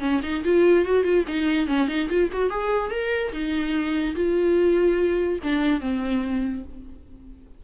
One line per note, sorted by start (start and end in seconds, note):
0.00 0.21 C#4
0.23 0.44 D#4
0.45 0.85 F4
0.85 1.04 F#4
1.04 1.25 F4
1.28 1.67 D#4
1.67 1.88 C#4
1.88 2.09 D#4
2.09 2.30 F4
2.32 2.50 F#4
2.50 2.91 G#4
2.91 3.32 A#4
3.32 4.15 D#4
4.15 5.39 F4
5.43 5.80 D4
5.80 6.63 C4